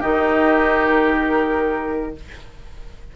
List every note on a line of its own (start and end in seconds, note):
0.00 2.16 D#3
0.00 2.16 D#4
0.00 2.13 G4
0.00 0.87 D#5
0.89 2.16 A#4